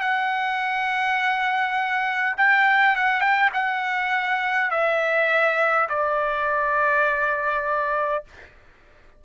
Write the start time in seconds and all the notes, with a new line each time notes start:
0.00 F#5
2.37 G5
2.96 F#5
3.20 G5
3.53 F#5
4.71 E5
5.89 D5